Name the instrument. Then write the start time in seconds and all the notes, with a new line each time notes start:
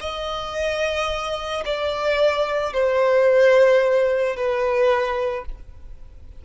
violin
0.00 D#5
1.65 D5
2.73 C5
4.36 B4